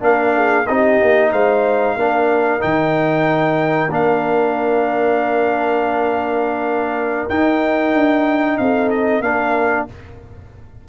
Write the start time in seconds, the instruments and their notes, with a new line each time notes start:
0.00 tuba A#3, trombone D4, horn A#4, trumpet F5
0.35 horn G#4
0.67 tuba C4, trombone D#4, horn G4, trumpet D#5
1.01 tuba A#3
1.31 tuba G#3, horn C5, trumpet F5
1.97 tuba A#3, trombone D4, horn A#4
2.60 tuba D#3, trombone D#4, trumpet G5
3.89 tuba A#3, trombone D4, trumpet F5
7.29 tuba D#4, trombone D#4, trumpet G5
7.94 tuba D4
8.58 tuba C4, horn A4, trumpet F5
8.90 trumpet D#5
9.21 tuba A#3, trombone D4, horn A#4, trumpet F5